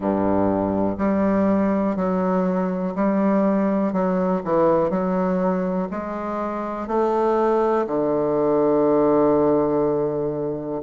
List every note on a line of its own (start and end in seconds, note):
0.00 0.97 G2
0.98 1.96 G3
1.96 2.94 F#3
2.95 3.92 G3
3.92 4.41 F#3
4.44 4.90 E3
4.90 5.88 F#3
5.91 6.87 G#3
6.87 7.86 A3
7.86 10.82 D3